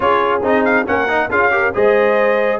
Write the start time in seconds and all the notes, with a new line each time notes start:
0.00 C#4 F4 G#4 C#5
0.42 C4 D#4 D#5
0.64 F5
0.86 A#3 C#4 A#4 F#5
1.08 D#4
1.30 C#4 F4 G#4 F5
1.51 G4 A#4
1.74 G#3 G#4 C5 D#5